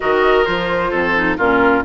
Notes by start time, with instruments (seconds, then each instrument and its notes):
0.00 bassoon D#3, clarinet F#4, oboe A#4, flute D#5
0.45 bassoon F3, clarinet F4, flute C5
0.90 bassoon F2, oboe A4
1.15 clarinet D#4
1.37 bassoon A#2, clarinet C#4, oboe F4, flute A#4